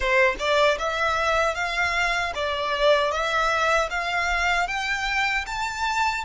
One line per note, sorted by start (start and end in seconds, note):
0.00 0.35 C5
0.39 0.78 D5
0.78 1.54 E5
1.54 2.32 F5
2.34 3.11 D5
3.11 3.89 E5
3.90 4.67 F5
4.67 5.45 G5
5.46 6.24 A5